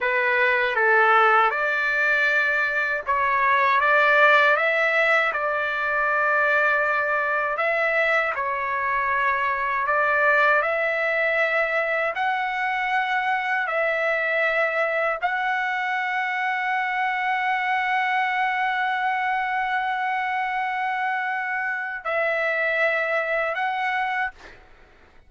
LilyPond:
\new Staff \with { instrumentName = "trumpet" } { \time 4/4 \tempo 4 = 79 b'4 a'4 d''2 | cis''4 d''4 e''4 d''4~ | d''2 e''4 cis''4~ | cis''4 d''4 e''2 |
fis''2 e''2 | fis''1~ | fis''1~ | fis''4 e''2 fis''4 | }